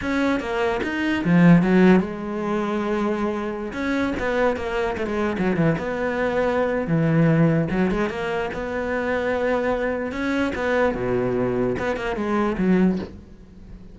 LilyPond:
\new Staff \with { instrumentName = "cello" } { \time 4/4 \tempo 4 = 148 cis'4 ais4 dis'4 f4 | fis4 gis2.~ | gis4~ gis16 cis'4 b4 ais8.~ | ais16 a16 gis8. fis8 e8 b4.~ b16~ |
b4 e2 fis8 gis8 | ais4 b2.~ | b4 cis'4 b4 b,4~ | b,4 b8 ais8 gis4 fis4 | }